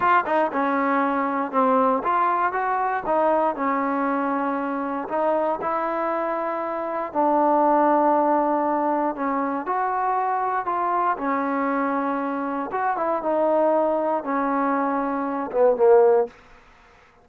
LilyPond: \new Staff \with { instrumentName = "trombone" } { \time 4/4 \tempo 4 = 118 f'8 dis'8 cis'2 c'4 | f'4 fis'4 dis'4 cis'4~ | cis'2 dis'4 e'4~ | e'2 d'2~ |
d'2 cis'4 fis'4~ | fis'4 f'4 cis'2~ | cis'4 fis'8 e'8 dis'2 | cis'2~ cis'8 b8 ais4 | }